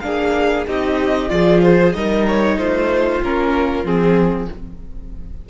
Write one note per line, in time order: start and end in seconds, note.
0.00 0.66 A#3
0.00 0.66 D4
0.00 0.67 G#4
0.00 0.64 F5
0.67 1.30 C4
0.67 1.29 D#4
0.67 1.31 G4
0.67 1.29 D#5
1.29 1.94 F3
1.29 1.92 F4
1.29 1.96 G#4
1.29 1.61 D5
1.61 1.93 C5
1.93 2.57 G3
1.93 3.23 D#4
1.93 2.58 A#4
1.93 2.25 D#5
2.27 2.58 C#5
2.57 3.21 A3
2.57 4.49 F4
2.57 3.22 C5
3.22 3.84 A#3
3.22 3.84 C#4
3.22 3.85 A#4
3.84 4.47 F3
3.84 4.48 C4
3.84 4.49 G#4